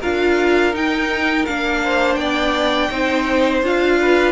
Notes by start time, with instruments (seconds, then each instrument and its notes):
0.00 cello D4, viola F4, violin A#4 F5
0.73 cello D#4, viola D#4, violin G5
1.45 cello A#3, viola D4, violin F5
1.84 violin C5
2.15 cello B3, violin D5 G5
2.90 cello C4, viola D#4, violin C5
3.62 cello D4, viola F4, violin F5
4.01 violin B4